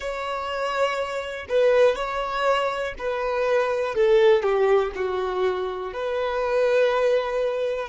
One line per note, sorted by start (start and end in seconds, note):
0.00 1.46 C#5
1.48 1.95 B4
1.95 2.94 C#5
2.98 3.94 B4
3.94 4.43 A4
4.43 4.92 G4
4.95 5.93 F#4
5.93 7.88 B4